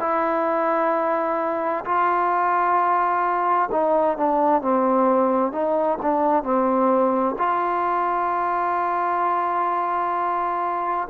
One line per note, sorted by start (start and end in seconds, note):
0.00 1.85 E4
1.85 3.70 F4
3.72 4.17 D#4
4.17 4.62 D4
4.62 5.52 C4
5.52 5.98 D#4
6.02 6.44 D4
6.44 7.36 C4
7.38 11.08 F4